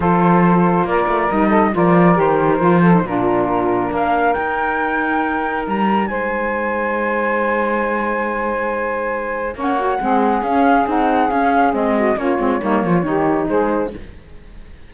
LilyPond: <<
  \new Staff \with { instrumentName = "flute" } { \time 4/4 \tempo 4 = 138 c''2 d''4 dis''4 | d''4 c''2 ais'4~ | ais'4 f''4 g''2~ | g''4 ais''4 gis''2~ |
gis''1~ | gis''2 fis''2 | f''4 fis''4 f''4 dis''4 | cis''2. c''4 | }
  \new Staff \with { instrumentName = "saxophone" } { \time 4/4 a'2 ais'4. a'8 | ais'2~ ais'8 a'8 f'4~ | f'4 ais'2.~ | ais'2 c''2~ |
c''1~ | c''2 cis''4 gis'4~ | gis'2.~ gis'8 fis'8 | f'4 dis'8 f'8 g'4 gis'4 | }
  \new Staff \with { instrumentName = "saxophone" } { \time 4/4 f'2. dis'4 | f'4 g'4 f'8. dis'16 d'4~ | d'2 dis'2~ | dis'1~ |
dis'1~ | dis'2 cis'8 fis'8 c'4 | cis'4 dis'4 cis'4 c'4 | cis'8 c'8 ais4 dis'2 | }
  \new Staff \with { instrumentName = "cello" } { \time 4/4 f2 ais8 a8 g4 | f4 dis4 f4 ais,4~ | ais,4 ais4 dis'2~ | dis'4 g4 gis2~ |
gis1~ | gis2 ais4 gis4 | cis'4 c'4 cis'4 gis4 | ais8 gis8 g8 f8 dis4 gis4 | }
>>